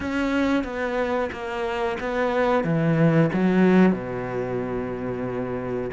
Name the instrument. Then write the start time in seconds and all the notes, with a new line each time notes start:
cello
0.00 C#4
0.64 B3
1.32 A#3
2.00 B3
2.64 E3
3.33 F#3
3.92 B2